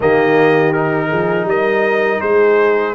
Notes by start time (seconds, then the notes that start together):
0.00 D#3 A#3 G4 D#5
0.73 D#4 A#4
1.08 F3 G#4
1.45 G3 A#4 D#5
2.20 G#3 G#4 C5